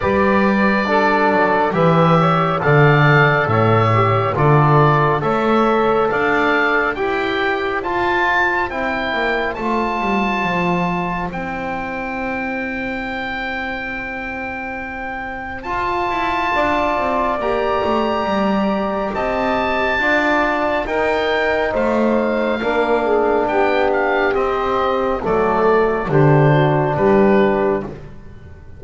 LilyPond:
<<
  \new Staff \with { instrumentName = "oboe" } { \time 4/4 \tempo 4 = 69 d''2 e''4 f''4 | e''4 d''4 e''4 f''4 | g''4 a''4 g''4 a''4~ | a''4 g''2.~ |
g''2 a''2 | ais''2 a''2 | g''4 f''2 g''8 f''8 | dis''4 d''4 c''4 b'4 | }
  \new Staff \with { instrumentName = "saxophone" } { \time 4/4 b'4 a'4 b'8 cis''8 d''4 | cis''4 a'4 cis''4 d''4 | c''1~ | c''1~ |
c''2. d''4~ | d''2 dis''4 d''4 | ais'4 c''4 ais'8 gis'8 g'4~ | g'4 a'4 g'8 fis'8 g'4 | }
  \new Staff \with { instrumentName = "trombone" } { \time 4/4 g'4 d'4 g'4 a'4~ | a'8 g'8 f'4 a'2 | g'4 f'4 e'4 f'4~ | f'4 e'2.~ |
e'2 f'2 | g'2. f'4 | dis'2 d'2 | c'4 a4 d'2 | }
  \new Staff \with { instrumentName = "double bass" } { \time 4/4 g4. fis8 e4 d4 | a,4 d4 a4 d'4 | e'4 f'4 c'8 ais8 a8 g8 | f4 c'2.~ |
c'2 f'8 e'8 d'8 c'8 | ais8 a8 g4 c'4 d'4 | dis'4 a4 ais4 b4 | c'4 fis4 d4 g4 | }
>>